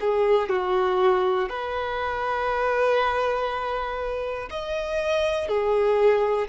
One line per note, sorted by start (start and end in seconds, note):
0.00 0.49 G#4
0.49 1.49 F#4
1.49 4.49 B4
4.50 5.48 D#5
5.48 6.48 G#4